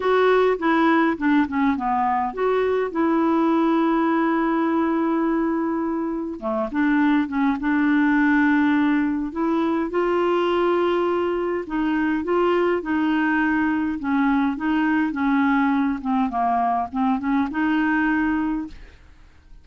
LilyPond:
\new Staff \with { instrumentName = "clarinet" } { \time 4/4 \tempo 4 = 103 fis'4 e'4 d'8 cis'8 b4 | fis'4 e'2.~ | e'2. a8 d'8~ | d'8 cis'8 d'2. |
e'4 f'2. | dis'4 f'4 dis'2 | cis'4 dis'4 cis'4. c'8 | ais4 c'8 cis'8 dis'2 | }